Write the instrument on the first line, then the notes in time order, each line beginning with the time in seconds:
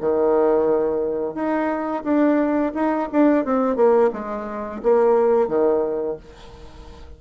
bassoon
0.00 D#3
1.34 D#4
2.03 D4
2.74 D#4
3.12 D4
3.45 C4
3.76 A#3
4.13 G#3
4.83 A#3
5.48 D#3